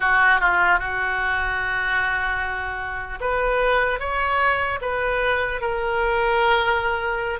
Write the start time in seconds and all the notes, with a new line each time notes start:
0.00 F#4
0.40 F4
0.79 F#4
3.20 B4
3.99 C#5
4.81 B4
5.61 A#4